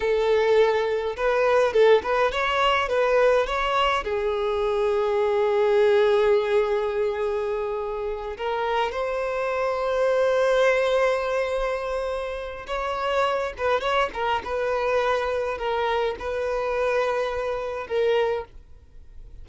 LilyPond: \new Staff \with { instrumentName = "violin" } { \time 4/4 \tempo 4 = 104 a'2 b'4 a'8 b'8 | cis''4 b'4 cis''4 gis'4~ | gis'1~ | gis'2~ gis'8 ais'4 c''8~ |
c''1~ | c''2 cis''4. b'8 | cis''8 ais'8 b'2 ais'4 | b'2. ais'4 | }